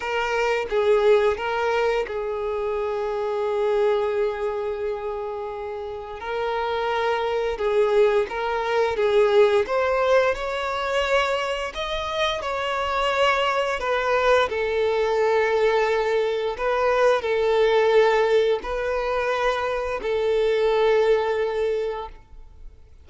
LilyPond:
\new Staff \with { instrumentName = "violin" } { \time 4/4 \tempo 4 = 87 ais'4 gis'4 ais'4 gis'4~ | gis'1~ | gis'4 ais'2 gis'4 | ais'4 gis'4 c''4 cis''4~ |
cis''4 dis''4 cis''2 | b'4 a'2. | b'4 a'2 b'4~ | b'4 a'2. | }